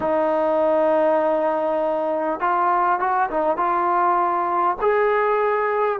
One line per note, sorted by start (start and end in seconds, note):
0.00 2.40 D#4
2.40 2.99 F4
2.99 3.29 F#4
3.30 3.56 D#4
3.56 4.76 F4
4.81 5.99 G#4